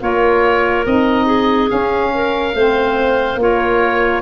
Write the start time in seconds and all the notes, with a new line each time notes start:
0.00 A#3 F4 A#4 C#5
0.86 C4 D#4 D#5
1.26 G#4
1.68 C#4 F5
2.14 A#4
2.54 A3 C4 C5
3.35 A#3 F4 A#4
3.42 C#5